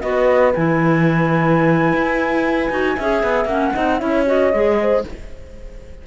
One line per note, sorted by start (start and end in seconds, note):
0.00 0.54 B3
0.00 0.52 F#4
0.00 2.96 B4
0.00 0.51 D#5
0.54 1.93 E3
0.54 2.70 E4
0.54 3.47 G#5
1.93 2.69 E4
2.70 2.95 D#4
2.70 2.96 F#4
2.96 3.23 C#4
2.96 3.47 G#4
2.96 3.73 E5
3.23 3.45 B3
3.45 3.70 A#3
3.45 3.73 C#4
3.45 3.98 F#5
3.73 4.01 C4
3.73 3.99 D#4
3.73 3.99 D#5
3.98 4.53 C#4
3.98 4.24 E4
3.98 4.76 C#5
3.98 4.24 E5
4.26 4.51 F#4
4.26 5.04 D#5
4.53 5.04 G#3
4.53 5.04 G#4
4.81 5.06 C5